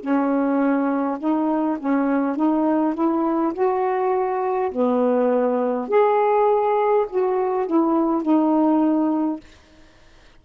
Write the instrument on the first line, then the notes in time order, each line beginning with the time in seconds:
saxophone
0.00 C#4
1.19 D#4
1.79 C#4
2.36 D#4
2.94 E4
3.53 F#4
4.71 B3
5.88 G#4
7.09 F#4
7.66 E4
8.22 D#4